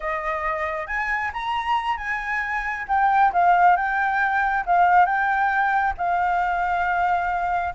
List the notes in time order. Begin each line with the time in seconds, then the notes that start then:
0.00 D#5
0.87 G#5
1.33 A#5
1.97 G#5
2.87 G5
3.32 F5
3.76 G5
4.66 F5
5.05 G5
5.97 F5